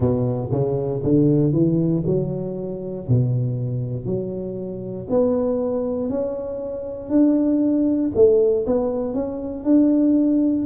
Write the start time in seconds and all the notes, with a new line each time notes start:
0.00 B2
0.51 C#3
1.04 D3
1.53 E3
2.06 F#3
3.08 B2
4.05 F#3
5.09 B3
6.09 C#4
7.09 D4
8.14 A3
8.66 B3
9.14 C#4
9.63 D4